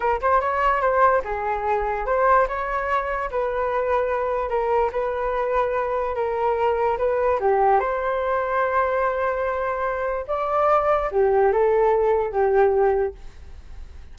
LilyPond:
\new Staff \with { instrumentName = "flute" } { \time 4/4 \tempo 4 = 146 ais'8 c''8 cis''4 c''4 gis'4~ | gis'4 c''4 cis''2 | b'2. ais'4 | b'2. ais'4~ |
ais'4 b'4 g'4 c''4~ | c''1~ | c''4 d''2 g'4 | a'2 g'2 | }